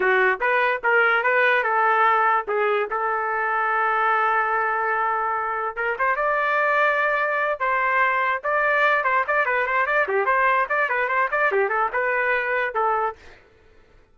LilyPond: \new Staff \with { instrumentName = "trumpet" } { \time 4/4 \tempo 4 = 146 fis'4 b'4 ais'4 b'4 | a'2 gis'4 a'4~ | a'1~ | a'2 ais'8 c''8 d''4~ |
d''2~ d''8 c''4.~ | c''8 d''4. c''8 d''8 b'8 c''8 | d''8 g'8 c''4 d''8 b'8 c''8 d''8 | g'8 a'8 b'2 a'4 | }